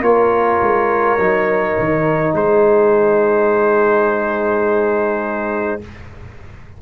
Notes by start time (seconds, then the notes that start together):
0.00 A#3 F4 A#4 C#5
0.62 G#3
1.18 F#3 D#4
1.78 D#3
2.33 G#3 G#4 C5